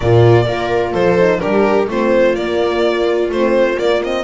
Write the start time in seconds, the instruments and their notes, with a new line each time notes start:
0.00 double bass A#2, horn A#3, viola F4, violin D5
0.45 double bass A#3, horn F4, viola A#4
0.92 double bass F3, viola A4, violin C5
1.18 horn D#4
1.40 double bass G3, horn D4, viola G4, violin A#4
1.87 double bass A3, horn C4, viola F4, violin C5
2.34 double bass A#3, horn A#3, violin D5
3.29 double bass A3, horn C4, violin C5
3.75 horn A#3, double bass A#3, violin D5
4.03 horn C4, violin D#5